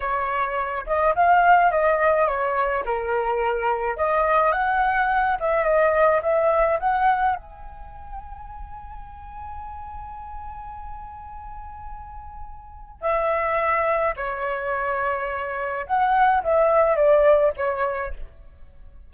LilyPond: \new Staff \with { instrumentName = "flute" } { \time 4/4 \tempo 4 = 106 cis''4. dis''8 f''4 dis''4 | cis''4 ais'2 dis''4 | fis''4. e''8 dis''4 e''4 | fis''4 gis''2.~ |
gis''1~ | gis''2. e''4~ | e''4 cis''2. | fis''4 e''4 d''4 cis''4 | }